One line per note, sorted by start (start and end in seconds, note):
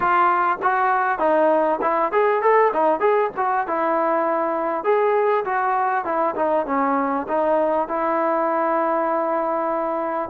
0.00 0.58 F4
0.62 1.18 F#4
1.18 1.79 D#4
1.81 2.12 E4
2.12 2.41 G#4
2.41 2.72 A4
2.73 3.00 D#4
3.00 3.30 G#4
3.36 3.67 F#4
3.67 4.83 E4
4.83 5.44 G#4
5.44 6.04 F#4
6.04 6.35 E4
6.35 6.66 D#4
6.66 7.26 C#4
7.28 7.88 D#4
7.88 10.29 E4